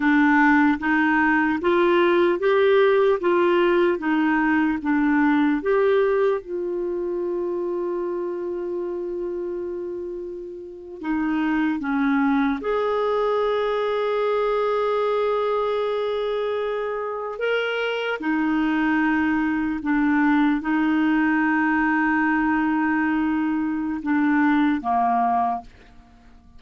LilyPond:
\new Staff \with { instrumentName = "clarinet" } { \time 4/4 \tempo 4 = 75 d'4 dis'4 f'4 g'4 | f'4 dis'4 d'4 g'4 | f'1~ | f'4.~ f'16 dis'4 cis'4 gis'16~ |
gis'1~ | gis'4.~ gis'16 ais'4 dis'4~ dis'16~ | dis'8. d'4 dis'2~ dis'16~ | dis'2 d'4 ais4 | }